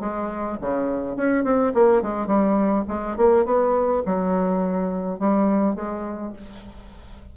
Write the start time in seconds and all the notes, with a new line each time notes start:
0.00 G#3
0.61 C#3
1.16 C#4
1.44 C4
1.74 A#3
2.02 G#3
2.27 G3
2.88 G#3
3.17 A#3
3.45 B3
4.05 F#3
5.19 G3
5.75 G#3